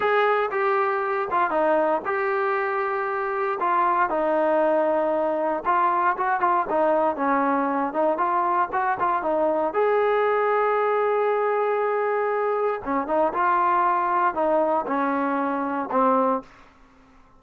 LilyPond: \new Staff \with { instrumentName = "trombone" } { \time 4/4 \tempo 4 = 117 gis'4 g'4. f'8 dis'4 | g'2. f'4 | dis'2. f'4 | fis'8 f'8 dis'4 cis'4. dis'8 |
f'4 fis'8 f'8 dis'4 gis'4~ | gis'1~ | gis'4 cis'8 dis'8 f'2 | dis'4 cis'2 c'4 | }